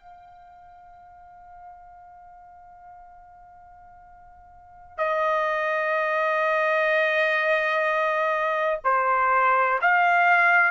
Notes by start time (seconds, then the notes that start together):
0.00 F5
4.98 D#5
8.84 C5
9.81 F5